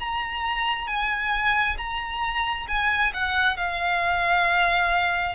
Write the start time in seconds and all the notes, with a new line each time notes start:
0.00 A#5
0.88 G#5
1.78 A#5
2.68 G#5
3.14 F#5
3.57 F5